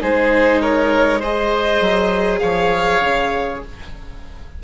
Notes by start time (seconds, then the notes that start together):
0.00 G#3 D#4 G#4 C5
0.61 A#4 C#5
1.19 G#4 C5 D#5
1.80 F#3
2.39 F3 C#5 F5
2.99 C#3